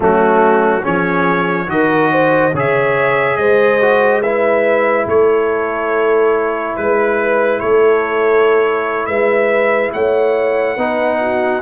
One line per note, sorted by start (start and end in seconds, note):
0.00 0.82 F#3
0.00 0.82 A3
0.00 0.80 C#4
0.00 0.85 F#4
0.80 1.67 F3
0.80 1.67 C#4
0.80 1.65 G#4
0.80 1.70 C#5
1.67 2.52 D#3
1.67 2.51 F#4
1.67 2.11 A#4
1.67 2.54 D#5
2.11 2.53 C5
2.53 3.37 C#3
2.53 3.80 G#4
2.53 3.37 C#5
2.53 3.36 E5
3.36 5.06 G#3
3.36 4.21 C5
3.36 4.21 D#5
3.80 4.23 F#4
4.21 10.78 E4
4.21 5.06 B4
4.21 5.07 E5
5.06 6.75 A3
5.06 6.76 A4
5.06 6.76 C#5
6.76 7.61 G#3
6.76 7.60 B4
7.60 9.07 A3
7.60 9.07 A4
7.60 9.05 C#5
9.05 9.92 G#3
9.05 9.92 B4
9.05 9.90 E5
9.93 10.77 A3
9.93 10.75 C#5
9.93 11.62 F#5
10.75 11.61 B3
10.75 11.62 D#4
10.75 11.18 B4
11.20 11.62 F#4